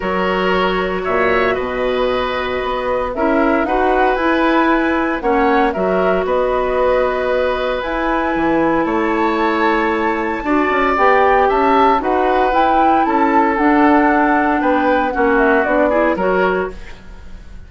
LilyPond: <<
  \new Staff \with { instrumentName = "flute" } { \time 4/4 \tempo 4 = 115 cis''2 e''4 dis''4~ | dis''2 e''4 fis''4 | gis''2 fis''4 e''4 | dis''2. gis''4~ |
gis''4 a''2.~ | a''4 g''4 a''4 fis''4 | g''4 a''4 fis''2 | g''4 fis''8 e''8 d''4 cis''4 | }
  \new Staff \with { instrumentName = "oboe" } { \time 4/4 ais'2 cis''4 b'4~ | b'2 ais'4 b'4~ | b'2 cis''4 ais'4 | b'1~ |
b'4 cis''2. | d''2 e''4 b'4~ | b'4 a'2. | b'4 fis'4. gis'8 ais'4 | }
  \new Staff \with { instrumentName = "clarinet" } { \time 4/4 fis'1~ | fis'2 e'4 fis'4 | e'2 cis'4 fis'4~ | fis'2. e'4~ |
e'1 | fis'4 g'2 fis'4 | e'2 d'2~ | d'4 cis'4 d'8 e'8 fis'4 | }
  \new Staff \with { instrumentName = "bassoon" } { \time 4/4 fis2 ais,4 b,4~ | b,4 b4 cis'4 dis'4 | e'2 ais4 fis4 | b2. e'4 |
e4 a2. | d'8 cis'8 b4 cis'4 dis'4 | e'4 cis'4 d'2 | b4 ais4 b4 fis4 | }
>>